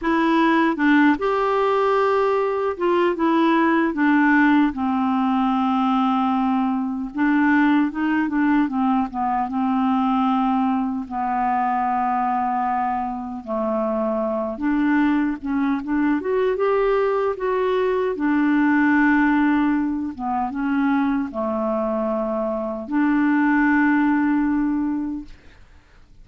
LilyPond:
\new Staff \with { instrumentName = "clarinet" } { \time 4/4 \tempo 4 = 76 e'4 d'8 g'2 f'8 | e'4 d'4 c'2~ | c'4 d'4 dis'8 d'8 c'8 b8 | c'2 b2~ |
b4 a4. d'4 cis'8 | d'8 fis'8 g'4 fis'4 d'4~ | d'4. b8 cis'4 a4~ | a4 d'2. | }